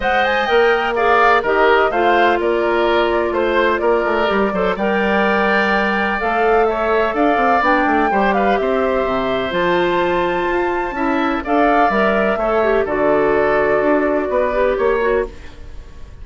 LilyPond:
<<
  \new Staff \with { instrumentName = "flute" } { \time 4/4 \tempo 4 = 126 fis''8 gis''8 g''4 f''4 dis''4 | f''4 d''2 c''4 | d''2 g''2~ | g''4 f''4 e''4 f''4 |
g''4. f''8 e''2 | a''1 | f''4 e''2 d''4~ | d''2. cis''4 | }
  \new Staff \with { instrumentName = "oboe" } { \time 4/4 dis''2 d''4 ais'4 | c''4 ais'2 c''4 | ais'4. c''8 d''2~ | d''2 cis''4 d''4~ |
d''4 c''8 b'8 c''2~ | c''2. e''4 | d''2 cis''4 a'4~ | a'2 b'4 cis''4 | }
  \new Staff \with { instrumentName = "clarinet" } { \time 4/4 c''4 ais'4 gis'4 g'4 | f'1~ | f'4 g'8 a'8 ais'2~ | ais'4 a'2. |
d'4 g'2. | f'2. e'4 | a'4 ais'4 a'8 g'8 fis'4~ | fis'2~ fis'8 g'4 fis'8 | }
  \new Staff \with { instrumentName = "bassoon" } { \time 4/4 gis4 ais2 dis4 | a4 ais2 a4 | ais8 a8 g8 fis8 g2~ | g4 a2 d'8 c'8 |
b8 a8 g4 c'4 c4 | f2 f'4 cis'4 | d'4 g4 a4 d4~ | d4 d'4 b4 ais4 | }
>>